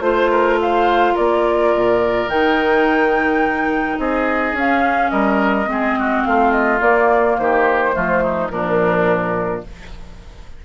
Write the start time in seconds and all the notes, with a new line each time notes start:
0.00 A3 F4 C5
0.31 A#4
0.61 C5 F5
1.14 A#3 A#4 D5
1.75 A#2
2.27 D#3 D#4 G5
3.98 C4 G#4 D#5
4.53 C#4
4.59 F5
5.10 G3 A#4 D#5
5.66 G#3 C4 G#4
5.99 F#4
6.24 A3 F4 F5
6.51 D#5
6.81 A#3 D5
7.38 D#3 G4 C5
7.92 F3 A3 F4
8.23 D#4
8.49 A#2 F3 D4 A#4